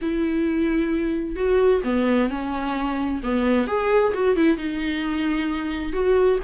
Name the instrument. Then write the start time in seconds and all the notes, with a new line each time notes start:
viola
0.01 E4
1.36 F#4
1.84 B3
2.29 C#4
3.23 B3
3.67 G#4
4.14 F#4
4.36 E4
4.57 D#4
5.93 F#4